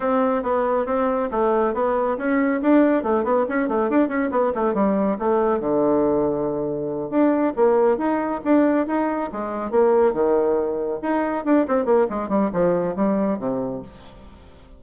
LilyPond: \new Staff \with { instrumentName = "bassoon" } { \time 4/4 \tempo 4 = 139 c'4 b4 c'4 a4 | b4 cis'4 d'4 a8 b8 | cis'8 a8 d'8 cis'8 b8 a8 g4 | a4 d2.~ |
d8 d'4 ais4 dis'4 d'8~ | d'8 dis'4 gis4 ais4 dis8~ | dis4. dis'4 d'8 c'8 ais8 | gis8 g8 f4 g4 c4 | }